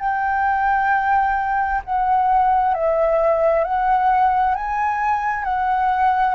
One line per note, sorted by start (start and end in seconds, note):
0.00 1.82 G5
1.85 2.74 F#5
2.74 3.64 E5
3.64 4.55 F#5
4.55 5.44 G#5
5.44 6.35 F#5